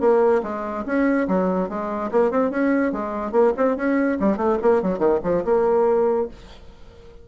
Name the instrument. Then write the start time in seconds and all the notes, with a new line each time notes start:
bassoon
0.00 A#3
0.43 G#3
0.86 C#4
1.28 F#3
1.69 G#3
2.11 A#3
2.31 C4
2.50 C#4
2.92 G#3
3.32 A#3
3.57 C4
3.76 C#4
4.20 G3
4.37 A3
4.62 A#3
4.82 F#3
4.98 D#3
5.23 F3
5.45 A#3